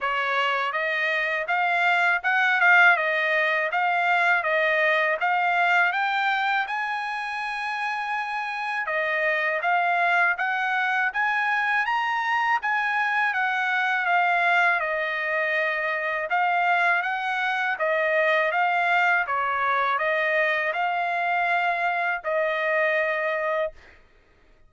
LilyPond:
\new Staff \with { instrumentName = "trumpet" } { \time 4/4 \tempo 4 = 81 cis''4 dis''4 f''4 fis''8 f''8 | dis''4 f''4 dis''4 f''4 | g''4 gis''2. | dis''4 f''4 fis''4 gis''4 |
ais''4 gis''4 fis''4 f''4 | dis''2 f''4 fis''4 | dis''4 f''4 cis''4 dis''4 | f''2 dis''2 | }